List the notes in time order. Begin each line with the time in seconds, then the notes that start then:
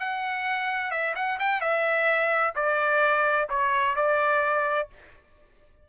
0.00 F#5
0.91 E5
1.15 F#5
1.40 G5
1.61 E5
2.55 D5
3.49 C#5
3.96 D5